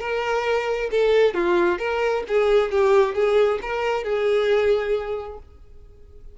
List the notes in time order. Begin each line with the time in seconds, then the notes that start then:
0.00 A#4
0.91 A4
1.34 F4
1.78 A#4
2.28 G#4
2.71 G4
3.14 G#4
3.62 A#4
4.04 G#4